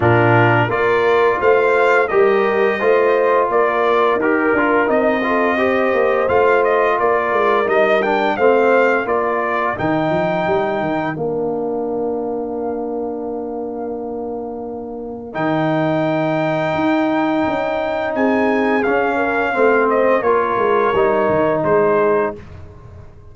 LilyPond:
<<
  \new Staff \with { instrumentName = "trumpet" } { \time 4/4 \tempo 4 = 86 ais'4 d''4 f''4 dis''4~ | dis''4 d''4 ais'4 dis''4~ | dis''4 f''8 dis''8 d''4 dis''8 g''8 | f''4 d''4 g''2 |
f''1~ | f''2 g''2~ | g''2 gis''4 f''4~ | f''8 dis''8 cis''2 c''4 | }
  \new Staff \with { instrumentName = "horn" } { \time 4/4 f'4 ais'4 c''4 ais'4 | c''4 ais'2~ ais'8 a'8 | c''2 ais'2 | c''4 ais'2.~ |
ais'1~ | ais'1~ | ais'2 gis'4. ais'8 | c''4 ais'2 gis'4 | }
  \new Staff \with { instrumentName = "trombone" } { \time 4/4 d'4 f'2 g'4 | f'2 g'8 f'8 dis'8 f'8 | g'4 f'2 dis'8 d'8 | c'4 f'4 dis'2 |
d'1~ | d'2 dis'2~ | dis'2. cis'4 | c'4 f'4 dis'2 | }
  \new Staff \with { instrumentName = "tuba" } { \time 4/4 ais,4 ais4 a4 g4 | a4 ais4 dis'8 d'8 c'4~ | c'8 ais8 a4 ais8 gis8 g4 | a4 ais4 dis8 f8 g8 dis8 |
ais1~ | ais2 dis2 | dis'4 cis'4 c'4 cis'4 | a4 ais8 gis8 g8 dis8 gis4 | }
>>